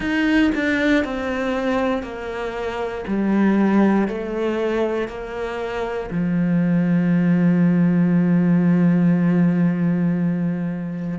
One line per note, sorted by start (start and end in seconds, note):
0.00 0.51 D#4
0.55 1.04 D4
1.04 2.02 C4
2.02 3.04 A#3
3.07 4.07 G3
4.07 5.08 A3
5.08 6.09 A#3
6.11 11.18 F3